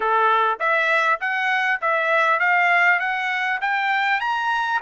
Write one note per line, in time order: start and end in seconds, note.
0.00 0.58 A4
0.59 1.19 E5
1.20 1.80 F#5
1.81 2.39 E5
2.39 2.99 F5
2.99 3.59 F#5
3.61 4.20 G5
4.20 4.80 A#5